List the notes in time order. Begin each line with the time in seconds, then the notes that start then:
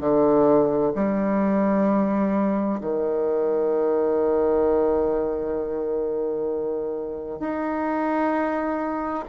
0.00 D3
0.95 G3
2.81 D#3
7.40 D#4